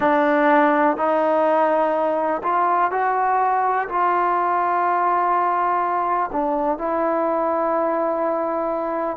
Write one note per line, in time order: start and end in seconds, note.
0.00 0.97 D4
0.97 2.42 D#4
2.43 2.91 F4
2.91 3.88 F#4
3.88 6.30 F4
6.32 6.77 D4
6.77 9.17 E4